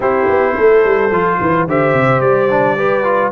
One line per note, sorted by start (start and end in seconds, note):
0.00 0.27 C4
0.00 1.10 E4
0.00 0.54 G4
0.00 1.68 C5
0.28 0.56 B3
0.55 0.84 A3
0.55 1.39 A4
0.84 1.11 G3
1.11 1.39 F3
1.11 1.67 F4
1.40 1.67 E3
1.40 1.68 B4
1.67 1.93 D3
1.67 2.50 G4
1.67 2.77 C5
1.67 2.20 E5
1.93 2.20 C3
2.20 3.32 G3
2.20 3.32 D5
2.50 2.77 D4
2.77 3.04 G4
2.77 3.32 B4
3.04 3.31 F4